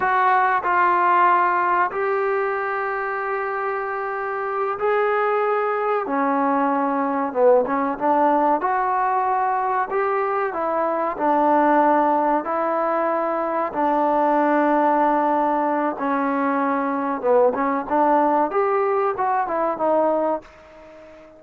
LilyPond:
\new Staff \with { instrumentName = "trombone" } { \time 4/4 \tempo 4 = 94 fis'4 f'2 g'4~ | g'2.~ g'8 gis'8~ | gis'4. cis'2 b8 | cis'8 d'4 fis'2 g'8~ |
g'8 e'4 d'2 e'8~ | e'4. d'2~ d'8~ | d'4 cis'2 b8 cis'8 | d'4 g'4 fis'8 e'8 dis'4 | }